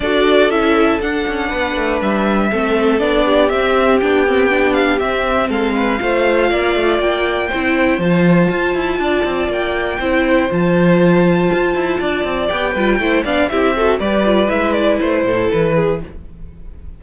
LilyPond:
<<
  \new Staff \with { instrumentName = "violin" } { \time 4/4 \tempo 4 = 120 d''4 e''4 fis''2 | e''2 d''4 e''4 | g''4. f''8 e''4 f''4~ | f''2 g''2 |
a''2. g''4~ | g''4 a''2.~ | a''4 g''4. f''8 e''4 | d''4 e''8 d''8 c''4 b'4 | }
  \new Staff \with { instrumentName = "violin" } { \time 4/4 a'2. b'4~ | b'4 a'4. g'4.~ | g'2. a'8 b'8 | c''4 d''2 c''4~ |
c''2 d''2 | c''1 | d''4. b'8 c''8 d''8 g'8 a'8 | b'2~ b'8 a'4 gis'8 | }
  \new Staff \with { instrumentName = "viola" } { \time 4/4 fis'4 e'4 d'2~ | d'4 c'4 d'4 c'4 | d'8 c'8 d'4 c'2 | f'2. e'4 |
f'1 | e'4 f'2.~ | f'4 g'8 f'8 e'8 d'8 e'8 fis'8 | g'8 f'8 e'2. | }
  \new Staff \with { instrumentName = "cello" } { \time 4/4 d'4 cis'4 d'8 cis'8 b8 a8 | g4 a4 b4 c'4 | b2 c'4 gis4 | a4 ais8 a8 ais4 c'4 |
f4 f'8 e'8 d'8 c'8 ais4 | c'4 f2 f'8 e'8 | d'8 c'8 b8 g8 a8 b8 c'4 | g4 gis4 a8 a,8 e4 | }
>>